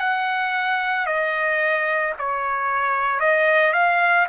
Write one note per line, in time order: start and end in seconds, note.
0.00 1.06 F#5
1.06 2.13 D#5
2.19 3.20 C#5
3.20 3.73 D#5
3.73 4.27 F5